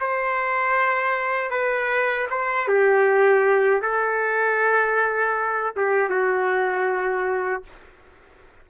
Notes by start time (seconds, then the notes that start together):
0.00 C5
1.50 B4
2.30 C5
2.67 G4
3.82 A4
5.76 G4
6.09 F#4